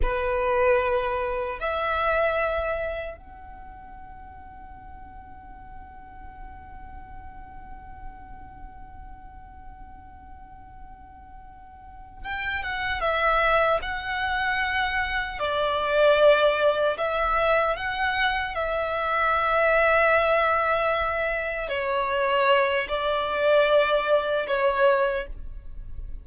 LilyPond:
\new Staff \with { instrumentName = "violin" } { \time 4/4 \tempo 4 = 76 b'2 e''2 | fis''1~ | fis''1~ | fis''2.~ fis''8 g''8 |
fis''8 e''4 fis''2 d''8~ | d''4. e''4 fis''4 e''8~ | e''2.~ e''8 cis''8~ | cis''4 d''2 cis''4 | }